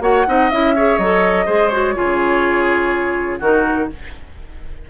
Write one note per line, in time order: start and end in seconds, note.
0.00 0.24 A#3
0.00 0.25 F#4
0.00 0.26 C#5
0.00 0.50 F#5
0.26 0.51 C4
0.26 0.50 D#4
0.26 0.75 D#5
0.50 0.98 C#4
0.50 0.76 E4
0.50 0.98 E5
0.75 1.00 G#4
0.75 1.45 C#5
0.98 1.46 F#3
0.98 1.46 A4
0.98 1.68 D#5
1.45 1.95 G#3
1.45 1.70 G#4
1.45 1.93 C5
1.68 1.95 F#4
1.68 3.37 C#5
1.95 3.40 C#3
1.95 3.40 F4
1.95 3.39 G#4
3.39 3.89 D#3
3.39 3.90 D#4
3.39 3.88 F#4
3.39 3.90 A#4